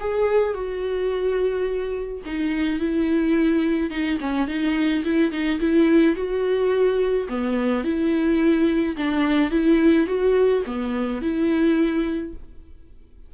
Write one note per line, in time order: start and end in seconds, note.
0.00 0.54 G#4
0.54 2.22 F#4
2.25 2.80 D#4
2.80 3.90 E4
3.90 4.18 D#4
4.20 4.48 C#4
4.48 5.04 D#4
5.04 5.31 E4
5.31 5.59 D#4
5.60 6.15 E4
6.15 7.27 F#4
7.29 7.84 B3
7.84 8.96 E4
8.97 9.51 D4
9.51 10.07 E4
10.07 10.63 F#4
10.66 11.21 B3
11.21 12.34 E4